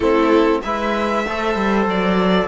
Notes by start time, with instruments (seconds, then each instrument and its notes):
0.00 cello A3, trombone C4, viola E4, violin A4
0.62 cello G#3, trombone E4, viola B4, violin E5
1.26 cello A3, trombone A4, viola C5
1.55 cello G3
1.86 cello F#3, violin D5